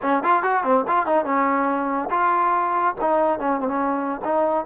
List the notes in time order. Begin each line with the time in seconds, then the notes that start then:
0.02 C#4
0.23 F4
0.42 F#4
0.63 C4
0.87 F4
1.06 D#4
1.24 C#4
2.10 F4
3.00 D#4
3.39 C#4
3.60 C4
3.67 C#4
4.24 D#4